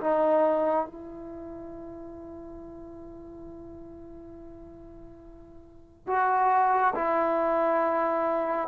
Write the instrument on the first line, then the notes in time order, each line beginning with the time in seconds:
trombone
0.00 D#4
0.86 E4
6.07 F#4
6.95 E4